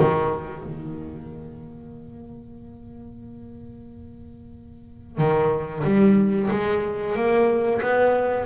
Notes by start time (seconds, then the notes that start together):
0.00 D#3
0.63 A#3
5.18 D#3
5.84 G3
6.51 G#3
7.16 A#3
7.82 B3